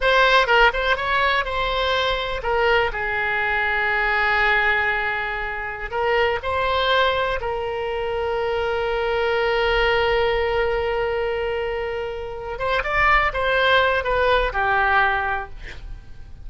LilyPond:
\new Staff \with { instrumentName = "oboe" } { \time 4/4 \tempo 4 = 124 c''4 ais'8 c''8 cis''4 c''4~ | c''4 ais'4 gis'2~ | gis'1~ | gis'16 ais'4 c''2 ais'8.~ |
ais'1~ | ais'1~ | ais'2 c''8 d''4 c''8~ | c''4 b'4 g'2 | }